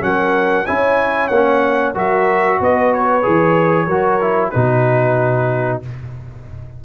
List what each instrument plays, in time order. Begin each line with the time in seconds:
0.00 tuba F#3, trombone C#4, horn A#4, trumpet F#5
0.65 tuba C#4, trombone E4, horn C#5, trumpet G#5
1.27 tuba A#3, trumpet F#5
1.33 trombone C#4
1.94 tuba F#3, trombone F#4, horn A#4, trumpet E5
2.60 tuba B3, horn B4, trumpet D#5
2.93 trumpet C#5
3.22 tuba E3, trombone G#4
3.86 tuba F#3, trombone F#4, horn A#4
4.20 trombone E4
4.50 tuba B2, trombone D#4, horn F#4, trumpet B4